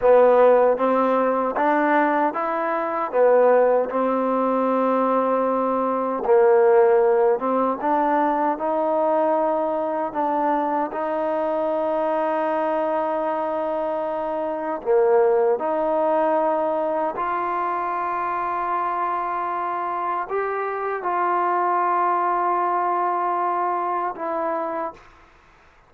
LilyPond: \new Staff \with { instrumentName = "trombone" } { \time 4/4 \tempo 4 = 77 b4 c'4 d'4 e'4 | b4 c'2. | ais4. c'8 d'4 dis'4~ | dis'4 d'4 dis'2~ |
dis'2. ais4 | dis'2 f'2~ | f'2 g'4 f'4~ | f'2. e'4 | }